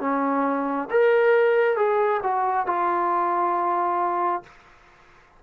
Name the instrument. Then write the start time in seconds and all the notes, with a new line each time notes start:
trombone
0.00 C#4
0.90 A#4
1.76 G#4
2.23 F#4
2.67 F4